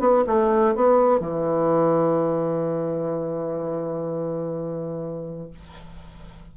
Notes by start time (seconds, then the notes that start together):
0.00 B3
0.27 A3
0.75 B3
1.20 E3